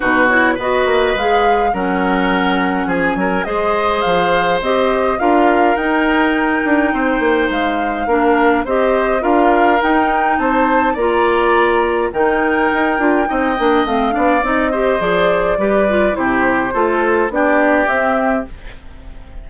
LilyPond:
<<
  \new Staff \with { instrumentName = "flute" } { \time 4/4 \tempo 4 = 104 b'8 cis''8 dis''4 f''4 fis''4~ | fis''4 gis''4 dis''4 f''4 | dis''4 f''4 g''2~ | g''4 f''2 dis''4 |
f''4 g''4 a''4 ais''4~ | ais''4 g''2. | f''4 dis''4 d''2 | c''2 d''4 e''4 | }
  \new Staff \with { instrumentName = "oboe" } { \time 4/4 fis'4 b'2 ais'4~ | ais'4 gis'8 ais'8 c''2~ | c''4 ais'2. | c''2 ais'4 c''4 |
ais'2 c''4 d''4~ | d''4 ais'2 dis''4~ | dis''8 d''4 c''4. b'4 | g'4 a'4 g'2 | }
  \new Staff \with { instrumentName = "clarinet" } { \time 4/4 dis'8 e'8 fis'4 gis'4 cis'4~ | cis'2 gis'2 | g'4 f'4 dis'2~ | dis'2 d'4 g'4 |
f'4 dis'2 f'4~ | f'4 dis'4. f'8 dis'8 d'8 | c'8 d'8 dis'8 g'8 gis'4 g'8 f'8 | e'4 f'4 d'4 c'4 | }
  \new Staff \with { instrumentName = "bassoon" } { \time 4/4 b,4 b8 ais8 gis4 fis4~ | fis4 f8 fis8 gis4 f4 | c'4 d'4 dis'4. d'8 | c'8 ais8 gis4 ais4 c'4 |
d'4 dis'4 c'4 ais4~ | ais4 dis4 dis'8 d'8 c'8 ais8 | a8 b8 c'4 f4 g4 | c4 a4 b4 c'4 | }
>>